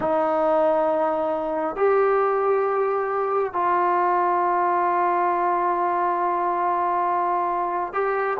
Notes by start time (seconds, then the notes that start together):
0.00 D#4
1.76 G4
3.53 F4
7.93 G4